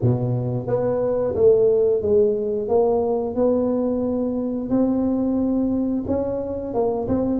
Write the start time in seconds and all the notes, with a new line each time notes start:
0.01 B2
0.67 B3
1.35 A3
2.02 G#3
2.68 A#3
3.35 B3
4.69 C4
6.07 C#4
6.74 A#3
7.08 C4